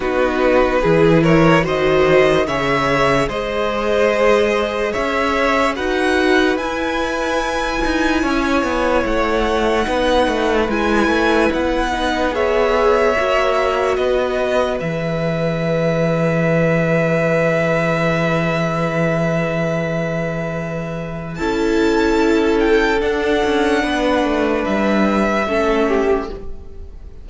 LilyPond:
<<
  \new Staff \with { instrumentName = "violin" } { \time 4/4 \tempo 4 = 73 b'4. cis''8 dis''4 e''4 | dis''2 e''4 fis''4 | gis''2. fis''4~ | fis''4 gis''4 fis''4 e''4~ |
e''4 dis''4 e''2~ | e''1~ | e''2 a''4. g''8 | fis''2 e''2 | }
  \new Staff \with { instrumentName = "violin" } { \time 4/4 fis'4 gis'8 ais'8 c''4 cis''4 | c''2 cis''4 b'4~ | b'2 cis''2 | b'2. cis''4~ |
cis''4 b'2.~ | b'1~ | b'2 a'2~ | a'4 b'2 a'8 g'8 | }
  \new Staff \with { instrumentName = "viola" } { \time 4/4 dis'4 e'4 fis'4 gis'4~ | gis'2. fis'4 | e'1 | dis'4 e'4. dis'8 gis'4 |
fis'2 gis'2~ | gis'1~ | gis'2 e'2 | d'2. cis'4 | }
  \new Staff \with { instrumentName = "cello" } { \time 4/4 b4 e4 dis4 cis4 | gis2 cis'4 dis'4 | e'4. dis'8 cis'8 b8 a4 | b8 a8 gis8 a8 b2 |
ais4 b4 e2~ | e1~ | e2 cis'2 | d'8 cis'8 b8 a8 g4 a4 | }
>>